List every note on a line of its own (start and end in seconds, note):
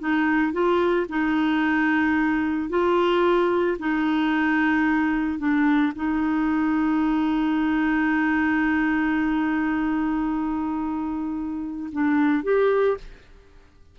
0.00 0.53 D#4
0.53 1.07 F4
1.09 2.70 D#4
2.70 3.78 F4
3.79 5.39 D#4
5.39 5.93 D4
5.96 11.90 D#4
11.92 12.44 D4
12.44 12.98 G4